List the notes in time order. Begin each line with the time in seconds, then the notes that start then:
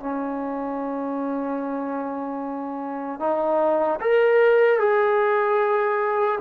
0.00 C#4
3.20 D#4
4.00 A#4
4.79 G#4